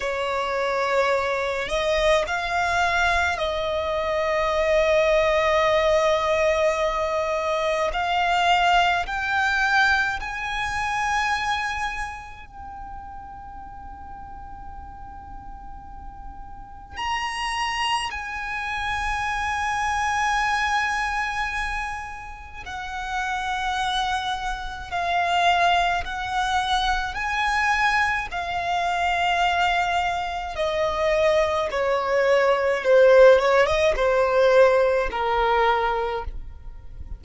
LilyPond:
\new Staff \with { instrumentName = "violin" } { \time 4/4 \tempo 4 = 53 cis''4. dis''8 f''4 dis''4~ | dis''2. f''4 | g''4 gis''2 g''4~ | g''2. ais''4 |
gis''1 | fis''2 f''4 fis''4 | gis''4 f''2 dis''4 | cis''4 c''8 cis''16 dis''16 c''4 ais'4 | }